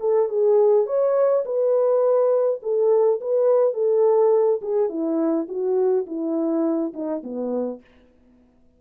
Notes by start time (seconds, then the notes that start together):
0.00 A4
0.29 G#4
0.87 C#5
1.45 B4
2.62 A4
3.21 B4
3.74 A4
4.62 G#4
4.89 E4
5.48 F#4
6.07 E4
6.94 D#4
7.23 B3